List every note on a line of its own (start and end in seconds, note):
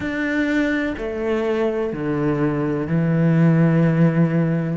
0.00 0.94 D4
0.97 1.92 A3
1.93 2.87 D3
2.87 4.76 E3